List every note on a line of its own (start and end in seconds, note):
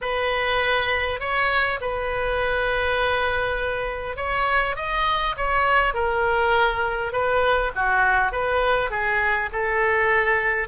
0.01 1.20 B4
1.20 1.79 C#5
1.80 4.16 B4
4.16 4.76 C#5
4.76 5.35 D#5
5.36 5.94 C#5
5.94 7.12 A#4
7.12 7.71 B4
7.75 8.31 F#4
8.31 8.90 B4
8.90 9.49 G#4
9.52 10.68 A4